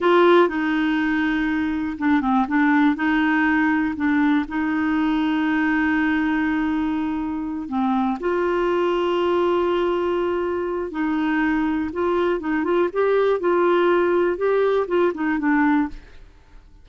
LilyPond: \new Staff \with { instrumentName = "clarinet" } { \time 4/4 \tempo 4 = 121 f'4 dis'2. | d'8 c'8 d'4 dis'2 | d'4 dis'2.~ | dis'2.~ dis'8 c'8~ |
c'8 f'2.~ f'8~ | f'2 dis'2 | f'4 dis'8 f'8 g'4 f'4~ | f'4 g'4 f'8 dis'8 d'4 | }